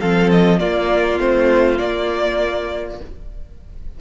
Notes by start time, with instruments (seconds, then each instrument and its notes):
0.00 cello F3, viola C4, violin A4 F5
0.31 violin D#5
0.59 viola A#3, cello A#3, violin F4 D5
1.20 cello A3, viola C4, violin C5
1.79 viola A#3, cello A#3, violin D5